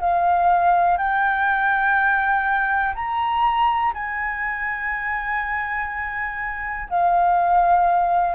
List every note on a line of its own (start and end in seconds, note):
0.00 0.97 F5
0.97 2.94 G5
2.95 3.93 A#5
3.94 6.89 G#5
6.89 8.35 F5